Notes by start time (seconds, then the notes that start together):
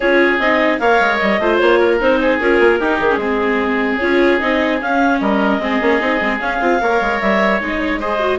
0.00 C#4 F4 G#4 C#5
0.38 C4 D#4 D#5
0.79 A#3 A#4 C#5 F5
0.99 G#3
1.17 G3 D#5
1.39 A3 F4 C5
1.58 A#3 C#5
1.79 A#4
1.99 C4 D#4 C5
2.21 G#4
2.39 C#4 F4 A#4
2.59 A#3
2.79 D#4 G4
2.99 D#3 G#4
3.10 C#4
3.16 G#3 C4 G#4
3.98 C#4 F4 C#5
4.39 C4 D#4 D#5
4.81 C#4 F5
5.20 G3 A#4 D#5
5.58 G#3 C4 G#4
5.80 A#3 C#4
6.00 C4 D#4
6.21 G#3 C4
6.40 C#4 F5
6.61 C4 F4
6.80 A#3 A#4 C#5
7.01 G#3
7.20 G3 E5
7.60 G#3 D#4 D#5
7.80 C#5
7.99 G#4 C5 D#5
8.19 F#4